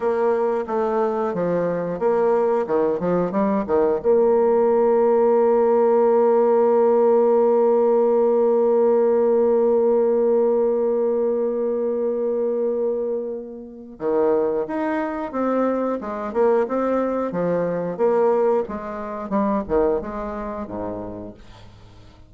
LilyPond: \new Staff \with { instrumentName = "bassoon" } { \time 4/4 \tempo 4 = 90 ais4 a4 f4 ais4 | dis8 f8 g8 dis8 ais2~ | ais1~ | ais1~ |
ais1~ | ais4 dis4 dis'4 c'4 | gis8 ais8 c'4 f4 ais4 | gis4 g8 dis8 gis4 gis,4 | }